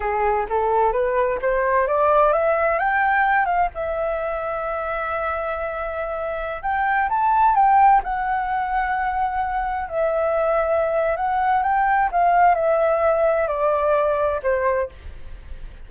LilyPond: \new Staff \with { instrumentName = "flute" } { \time 4/4 \tempo 4 = 129 gis'4 a'4 b'4 c''4 | d''4 e''4 g''4. f''8 | e''1~ | e''2~ e''16 g''4 a''8.~ |
a''16 g''4 fis''2~ fis''8.~ | fis''4~ fis''16 e''2~ e''8. | fis''4 g''4 f''4 e''4~ | e''4 d''2 c''4 | }